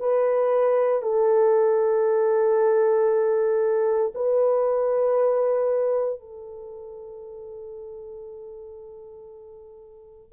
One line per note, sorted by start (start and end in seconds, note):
0.00 1.03 B4
1.03 4.13 A4
4.15 6.20 B4
6.20 10.33 A4